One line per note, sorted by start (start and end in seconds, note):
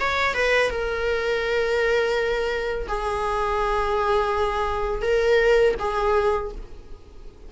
0.00 0.34 C#5
0.34 0.70 B4
0.70 2.87 A#4
2.88 5.02 G#4
5.02 5.74 A#4
5.79 6.52 G#4